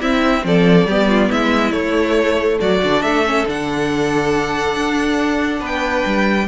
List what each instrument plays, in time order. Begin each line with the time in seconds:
0.00 viola C4, cello C4, violin E4 E5
0.44 cello F3, violin A4 D5
0.86 cello G3, viola B3, violin G4
1.08 violin F4
1.29 cello G#3, violin E4 E5
1.71 viola A3, cello A3, violin C#5
2.60 cello F#3, violin F#4 D5
2.83 cello D3, viola D4
3.02 cello A3, violin A4 E5
3.25 viola C#4
3.46 cello D3, viola D4, violin F#5
4.75 cello D4
5.60 cello B3, violin B4 G5
6.05 cello G3